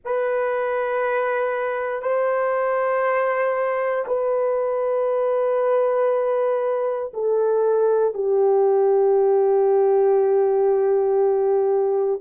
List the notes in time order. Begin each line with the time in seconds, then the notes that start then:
0.04 B4
2.02 C5
4.07 B4
7.13 A4
8.14 G4